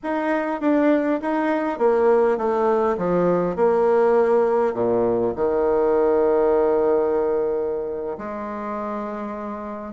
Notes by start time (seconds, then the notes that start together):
0.03 D#4
0.60 D4
1.21 D#4
1.78 A#3
2.37 A3
2.97 F3
3.56 A#3
4.74 A#2
5.35 D#3
8.18 G#3